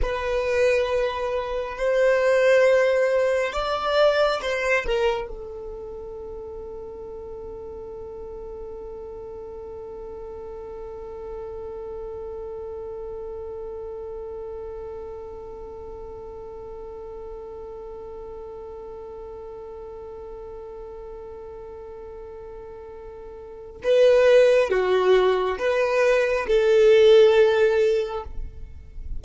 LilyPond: \new Staff \with { instrumentName = "violin" } { \time 4/4 \tempo 4 = 68 b'2 c''2 | d''4 c''8 ais'8 a'2~ | a'1~ | a'1~ |
a'1~ | a'1~ | a'2. b'4 | fis'4 b'4 a'2 | }